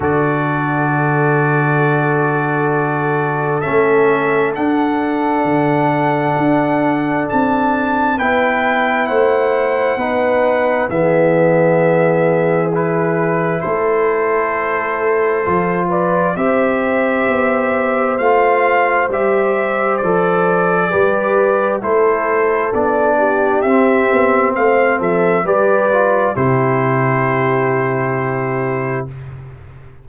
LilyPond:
<<
  \new Staff \with { instrumentName = "trumpet" } { \time 4/4 \tempo 4 = 66 d''1 | e''4 fis''2. | a''4 g''4 fis''2 | e''2 b'4 c''4~ |
c''4. d''8 e''2 | f''4 e''4 d''2 | c''4 d''4 e''4 f''8 e''8 | d''4 c''2. | }
  \new Staff \with { instrumentName = "horn" } { \time 4/4 a'1~ | a'1~ | a'4 b'4 c''4 b'4 | gis'2. a'4~ |
a'4. b'8 c''2~ | c''2. b'4 | a'4. g'4. c''8 a'8 | b'4 g'2. | }
  \new Staff \with { instrumentName = "trombone" } { \time 4/4 fis'1 | cis'4 d'2.~ | d'4 e'2 dis'4 | b2 e'2~ |
e'4 f'4 g'2 | f'4 g'4 a'4 g'4 | e'4 d'4 c'2 | g'8 f'8 e'2. | }
  \new Staff \with { instrumentName = "tuba" } { \time 4/4 d1 | a4 d'4 d4 d'4 | c'4 b4 a4 b4 | e2. a4~ |
a4 f4 c'4 b4 | a4 g4 f4 g4 | a4 b4 c'8 b8 a8 f8 | g4 c2. | }
>>